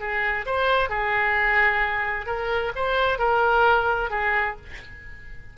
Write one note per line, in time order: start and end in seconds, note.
0.00 0.46 G#4
0.46 0.90 C5
0.90 2.26 G#4
2.26 2.72 A#4
2.75 3.19 C5
3.19 4.11 A#4
4.11 4.56 G#4